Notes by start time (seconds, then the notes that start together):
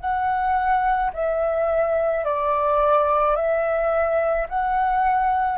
0.00 F#5
1.13 E5
2.24 D5
3.35 E5
4.48 F#5